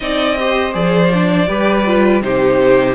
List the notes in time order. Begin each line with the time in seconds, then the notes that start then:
0.00 C4 D#4 D5 D#5
0.38 G4 C5
0.72 F3 G#4 D5
1.13 D4
1.47 G3 G4 B4
1.86 F4
2.22 C3 D#4 G4 C5